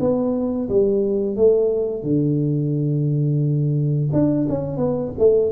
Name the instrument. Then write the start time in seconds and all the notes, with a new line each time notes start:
tuba
0.00 B3
0.69 G3
1.36 A3
2.03 D3
4.13 D4
4.50 C#4
4.77 B3
5.19 A3